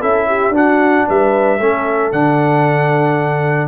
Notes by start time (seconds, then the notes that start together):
0.00 C#4 E4 A4 E5
0.28 G4
0.50 D4 F#4
0.56 F#5
1.08 G3 B4 E5
1.59 A3 C#4 A4
2.12 D3 D4 F#5